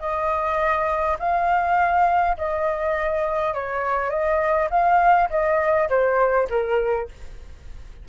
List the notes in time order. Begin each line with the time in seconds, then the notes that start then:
0.00 D#5
1.20 F5
2.37 D#5
3.54 C#5
4.10 D#5
4.71 F5
5.30 D#5
5.90 C5
6.50 A#4